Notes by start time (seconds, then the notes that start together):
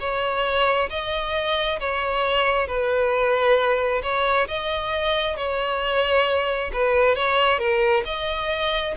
0.00 C#5
0.90 D#5
1.80 C#5
2.67 B4
4.03 C#5
4.48 D#5
5.36 C#5
6.73 B4
7.15 C#5
7.58 A#4
8.05 D#5